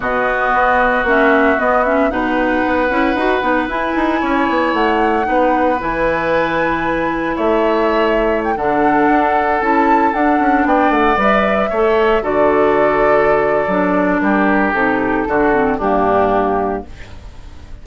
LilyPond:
<<
  \new Staff \with { instrumentName = "flute" } { \time 4/4 \tempo 4 = 114 dis''2 e''4 dis''8 e''8 | fis''2. gis''4~ | gis''4 fis''2 gis''4~ | gis''2 e''2 |
g''16 fis''2 a''4 fis''8.~ | fis''16 g''8 fis''8 e''2 d''8.~ | d''2. ais'4 | a'2 g'2 | }
  \new Staff \with { instrumentName = "oboe" } { \time 4/4 fis'1 | b'1 | cis''2 b'2~ | b'2 cis''2~ |
cis''16 a'2.~ a'8.~ | a'16 d''2 cis''4 a'8.~ | a'2. g'4~ | g'4 fis'4 d'2 | }
  \new Staff \with { instrumentName = "clarinet" } { \time 4/4 b2 cis'4 b8 cis'8 | dis'4. e'8 fis'8 dis'8 e'4~ | e'2 dis'4 e'4~ | e'1~ |
e'16 d'2 e'4 d'8.~ | d'4~ d'16 b'4 a'4 fis'8.~ | fis'2 d'2 | dis'4 d'8 c'8 ais2 | }
  \new Staff \with { instrumentName = "bassoon" } { \time 4/4 b,4 b4 ais4 b4 | b,4 b8 cis'8 dis'8 b8 e'8 dis'8 | cis'8 b8 a4 b4 e4~ | e2 a2~ |
a16 d4 d'4 cis'4 d'8 cis'16~ | cis'16 b8 a8 g4 a4 d8.~ | d2 fis4 g4 | c4 d4 g,2 | }
>>